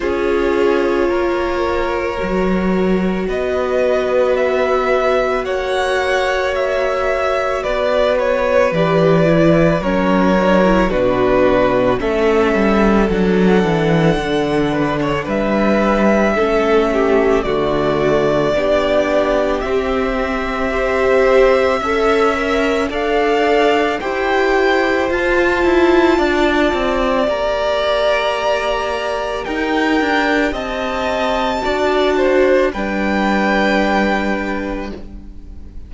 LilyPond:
<<
  \new Staff \with { instrumentName = "violin" } { \time 4/4 \tempo 4 = 55 cis''2. dis''4 | e''4 fis''4 e''4 d''8 cis''8 | d''4 cis''4 b'4 e''4 | fis''2 e''2 |
d''2 e''2~ | e''4 f''4 g''4 a''4~ | a''4 ais''2 g''4 | a''2 g''2 | }
  \new Staff \with { instrumentName = "violin" } { \time 4/4 gis'4 ais'2 b'4~ | b'4 cis''2 b'4~ | b'4 ais'4 fis'4 a'4~ | a'4. b'16 cis''16 b'4 a'8 g'8 |
fis'4 g'2 c''4 | e''4 d''4 c''2 | d''2. ais'4 | dis''4 d''8 c''8 b'2 | }
  \new Staff \with { instrumentName = "viola" } { \time 4/4 f'2 fis'2~ | fis'1 | g'8 e'8 cis'8 d'16 e'16 d'4 cis'4 | d'2. cis'4 |
a4 d'4 c'4 g'4 | a'8 ais'8 a'4 g'4 f'4~ | f'4 g'2.~ | g'4 fis'4 d'2 | }
  \new Staff \with { instrumentName = "cello" } { \time 4/4 cis'4 ais4 fis4 b4~ | b4 ais2 b4 | e4 fis4 b,4 a8 g8 | fis8 e8 d4 g4 a4 |
d4 b4 c'2 | cis'4 d'4 e'4 f'8 e'8 | d'8 c'8 ais2 dis'8 d'8 | c'4 d'4 g2 | }
>>